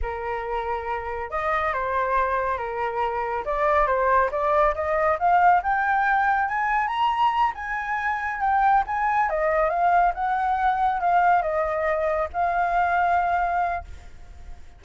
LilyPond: \new Staff \with { instrumentName = "flute" } { \time 4/4 \tempo 4 = 139 ais'2. dis''4 | c''2 ais'2 | d''4 c''4 d''4 dis''4 | f''4 g''2 gis''4 |
ais''4. gis''2 g''8~ | g''8 gis''4 dis''4 f''4 fis''8~ | fis''4. f''4 dis''4.~ | dis''8 f''2.~ f''8 | }